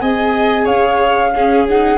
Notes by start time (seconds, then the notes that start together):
0.00 C4 G#4 D#5 G#5
0.64 C#4 C#5 F5
1.35 C#4 G#4
1.69 D#4 F#5